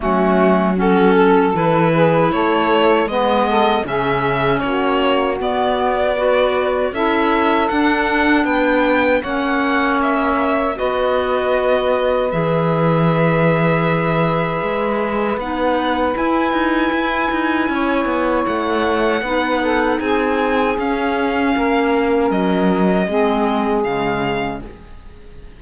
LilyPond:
<<
  \new Staff \with { instrumentName = "violin" } { \time 4/4 \tempo 4 = 78 fis'4 a'4 b'4 cis''4 | dis''4 e''4 cis''4 d''4~ | d''4 e''4 fis''4 g''4 | fis''4 e''4 dis''2 |
e''1 | fis''4 gis''2. | fis''2 gis''4 f''4~ | f''4 dis''2 f''4 | }
  \new Staff \with { instrumentName = "saxophone" } { \time 4/4 cis'4 fis'8 a'4 gis'8 a'4 | b'8 a'8 gis'4 fis'2 | b'4 a'2 b'4 | cis''2 b'2~ |
b'1~ | b'2. cis''4~ | cis''4 b'8 a'8 gis'2 | ais'2 gis'2 | }
  \new Staff \with { instrumentName = "clarinet" } { \time 4/4 a4 cis'4 e'2 | b4 cis'2 b4 | fis'4 e'4 d'2 | cis'2 fis'2 |
gis'1 | dis'4 e'2.~ | e'4 dis'2 cis'4~ | cis'2 c'4 gis4 | }
  \new Staff \with { instrumentName = "cello" } { \time 4/4 fis2 e4 a4 | gis4 cis4 ais4 b4~ | b4 cis'4 d'4 b4 | ais2 b2 |
e2. gis4 | b4 e'8 dis'8 e'8 dis'8 cis'8 b8 | a4 b4 c'4 cis'4 | ais4 fis4 gis4 cis4 | }
>>